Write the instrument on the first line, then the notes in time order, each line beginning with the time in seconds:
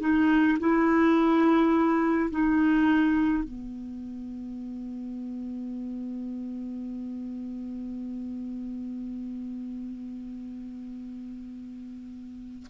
clarinet
0.00 D#4
0.59 E4
2.30 D#4
3.44 B3